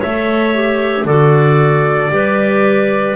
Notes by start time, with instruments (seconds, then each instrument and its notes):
0.00 double bass A3, clarinet A4 C#5, trumpet E5
0.54 clarinet G4
1.05 double bass D3, clarinet F#4 A4, trumpet D5
2.10 double bass G3, clarinet G4 B4